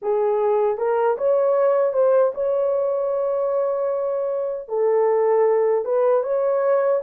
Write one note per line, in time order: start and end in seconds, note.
0.02 0.77 G#4
0.77 1.16 A#4
1.17 1.93 C#5
1.93 2.32 C5
2.34 4.68 C#5
4.68 5.84 A4
5.84 6.23 B4
6.23 7.01 C#5